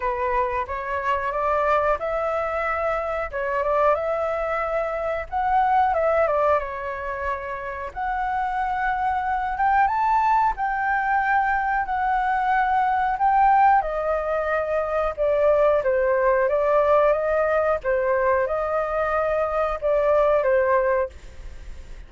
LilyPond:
\new Staff \with { instrumentName = "flute" } { \time 4/4 \tempo 4 = 91 b'4 cis''4 d''4 e''4~ | e''4 cis''8 d''8 e''2 | fis''4 e''8 d''8 cis''2 | fis''2~ fis''8 g''8 a''4 |
g''2 fis''2 | g''4 dis''2 d''4 | c''4 d''4 dis''4 c''4 | dis''2 d''4 c''4 | }